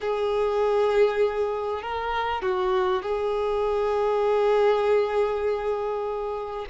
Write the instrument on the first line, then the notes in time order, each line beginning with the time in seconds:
violin
0.00 G#4
1.82 A#4
2.42 F#4
3.02 G#4